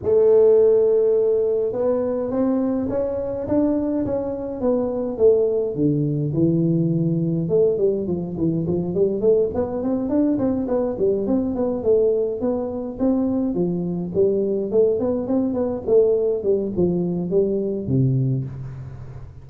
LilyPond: \new Staff \with { instrumentName = "tuba" } { \time 4/4 \tempo 4 = 104 a2. b4 | c'4 cis'4 d'4 cis'4 | b4 a4 d4 e4~ | e4 a8 g8 f8 e8 f8 g8 |
a8 b8 c'8 d'8 c'8 b8 g8 c'8 | b8 a4 b4 c'4 f8~ | f8 g4 a8 b8 c'8 b8 a8~ | a8 g8 f4 g4 c4 | }